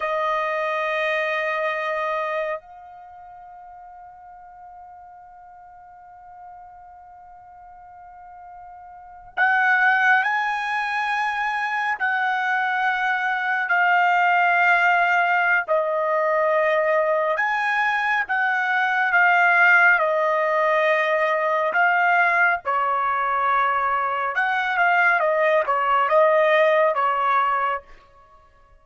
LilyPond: \new Staff \with { instrumentName = "trumpet" } { \time 4/4 \tempo 4 = 69 dis''2. f''4~ | f''1~ | f''2~ f''8. fis''4 gis''16~ | gis''4.~ gis''16 fis''2 f''16~ |
f''2 dis''2 | gis''4 fis''4 f''4 dis''4~ | dis''4 f''4 cis''2 | fis''8 f''8 dis''8 cis''8 dis''4 cis''4 | }